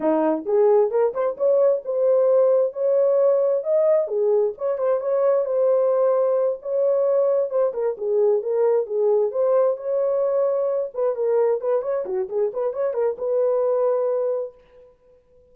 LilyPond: \new Staff \with { instrumentName = "horn" } { \time 4/4 \tempo 4 = 132 dis'4 gis'4 ais'8 c''8 cis''4 | c''2 cis''2 | dis''4 gis'4 cis''8 c''8 cis''4 | c''2~ c''8 cis''4.~ |
cis''8 c''8 ais'8 gis'4 ais'4 gis'8~ | gis'8 c''4 cis''2~ cis''8 | b'8 ais'4 b'8 cis''8 fis'8 gis'8 b'8 | cis''8 ais'8 b'2. | }